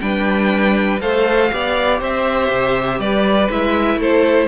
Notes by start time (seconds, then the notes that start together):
0.00 G3 D4 B4 G5
1.01 A3 A4 C5 F5
1.52 B3 G4 D5
2.00 C4 C5 E5
2.51 C3
2.99 G3 B4 D5
3.50 G#3 E4 E5
3.96 A3 A4 C5